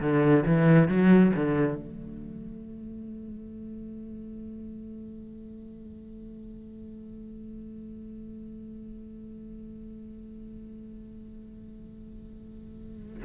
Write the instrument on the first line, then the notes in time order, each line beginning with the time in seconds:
cello
0.00 D3
0.46 E3
0.88 F#3
1.36 D3
1.75 A3